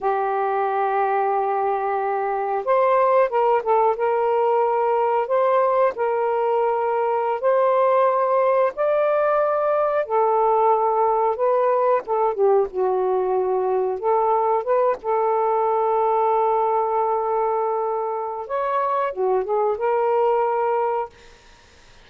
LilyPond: \new Staff \with { instrumentName = "saxophone" } { \time 4/4 \tempo 4 = 91 g'1 | c''4 ais'8 a'8 ais'2 | c''4 ais'2~ ais'16 c''8.~ | c''4~ c''16 d''2 a'8.~ |
a'4~ a'16 b'4 a'8 g'8 fis'8.~ | fis'4~ fis'16 a'4 b'8 a'4~ a'16~ | a'1 | cis''4 fis'8 gis'8 ais'2 | }